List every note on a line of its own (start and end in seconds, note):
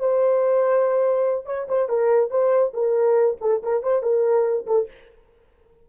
0.00 1.46 C5
1.46 1.68 C#5
1.69 1.89 C5
1.89 2.31 A#4
2.31 2.74 C5
2.74 3.38 A#4
3.41 3.62 A4
3.63 3.83 A#4
3.83 4.03 C5
4.03 4.67 A#4
4.67 4.88 A4